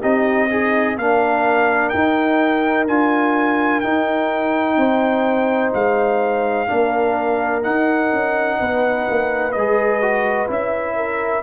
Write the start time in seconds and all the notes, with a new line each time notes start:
0.00 C4 D#4 G4 D#5
0.50 D#4 G#4
0.97 A#3 D4 A#4 F5
1.89 D#4 G5
2.87 D4 F4 G#5
3.80 D#4 G5
4.77 C4 C5
5.74 G#3 F5
6.67 A#3 D4 A#4
7.62 D#4 F#5
8.12 C#4
8.59 B3 B4
9.09 A#3
9.52 G#3 G#4 D#5
10.02 F#4
10.47 C#4 E4 E5
10.96 A#4